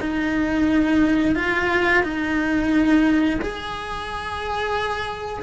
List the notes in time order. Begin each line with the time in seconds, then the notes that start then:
0.00 D#4
1.35 F4
2.03 D#4
3.41 G#4